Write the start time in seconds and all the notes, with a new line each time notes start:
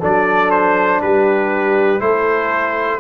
0.00 F#3 D4 A4 D5
0.51 C5
1.01 G3 G4 B4
2.00 A3 E4 A4 C5